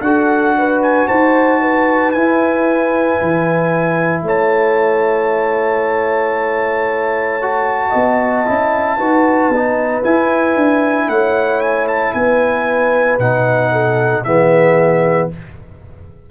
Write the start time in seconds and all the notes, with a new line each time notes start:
0.00 D4 F#4 A4 F#5
0.58 B4
0.82 G#5
1.07 D#4 C5 A5
1.61 B4
2.11 E4 G#5
3.21 E3
4.22 A3 C#5 A5
7.41 F#4
7.89 B3 D#5
8.45 C#4 E4
8.96 D#4 F#4 B4
9.49 B3 D#4
10.03 E4 G#5
10.55 D4
11.07 A3 C#5 F#5
11.60 G#5
11.87 A5
12.13 B3 B4 G#5
13.18 B2 D#4 F#5
13.71 A4
14.23 E3 B3 G#4 E5